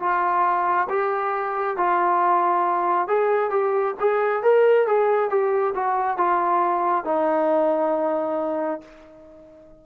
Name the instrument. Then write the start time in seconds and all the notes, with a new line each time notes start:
trombone
0.00 F4
0.89 G4
1.77 F4
3.08 G#4
3.51 G4
4.00 G#4
4.43 A#4
4.87 G#4
5.30 G4
5.75 F#4
6.18 F4
7.05 D#4